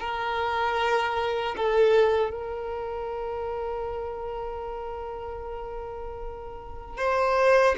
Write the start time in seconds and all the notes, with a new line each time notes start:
0.00 A#4
1.57 A4
2.31 A#4
6.98 C5